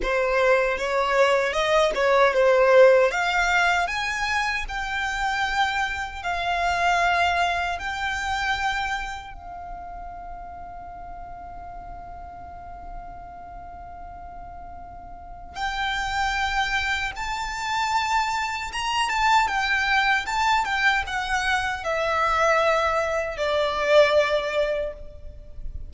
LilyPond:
\new Staff \with { instrumentName = "violin" } { \time 4/4 \tempo 4 = 77 c''4 cis''4 dis''8 cis''8 c''4 | f''4 gis''4 g''2 | f''2 g''2 | f''1~ |
f''1 | g''2 a''2 | ais''8 a''8 g''4 a''8 g''8 fis''4 | e''2 d''2 | }